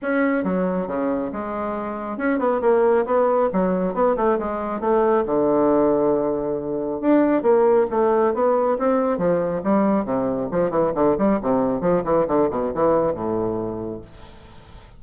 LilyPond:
\new Staff \with { instrumentName = "bassoon" } { \time 4/4 \tempo 4 = 137 cis'4 fis4 cis4 gis4~ | gis4 cis'8 b8 ais4 b4 | fis4 b8 a8 gis4 a4 | d1 |
d'4 ais4 a4 b4 | c'4 f4 g4 c4 | f8 e8 d8 g8 c4 f8 e8 | d8 b,8 e4 a,2 | }